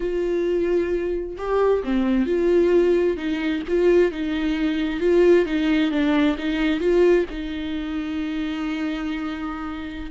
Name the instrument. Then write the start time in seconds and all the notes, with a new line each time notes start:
viola
0.00 F4
1.37 G4
1.83 C4
2.25 F4
3.17 D#4
3.68 F4
4.11 D#4
5.00 F4
5.45 D#4
5.91 D4
6.38 D#4
6.80 F4
7.30 D#4